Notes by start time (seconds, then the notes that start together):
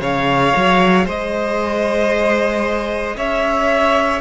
0.00 C#3 G#4 C#5 F5
0.56 F#3
1.05 G#3 C5 D#5
3.16 C#4 C#5 E5